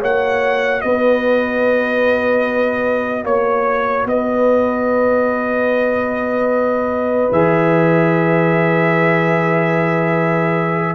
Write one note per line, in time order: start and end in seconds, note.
0.00 0.84 A#3
0.00 7.33 F#4
0.00 0.81 C#5
0.00 0.82 F#5
0.82 3.24 B3
0.82 3.25 B4
0.82 3.25 D#5
3.24 4.05 A#3
3.24 4.06 C#5
3.24 4.07 C#5
4.05 7.29 B3
4.05 10.96 B4
4.05 7.33 D#5
7.32 10.96 E3
7.32 10.96 G#4
7.32 10.96 E5